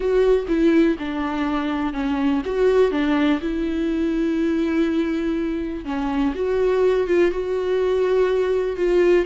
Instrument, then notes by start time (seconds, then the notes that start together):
viola
0.00 F#4
0.48 E4
0.99 D4
1.93 C#4
2.45 F#4
2.91 D4
3.41 E4
5.84 C#4
6.35 F#4
7.07 F4
7.31 F#4
8.76 F4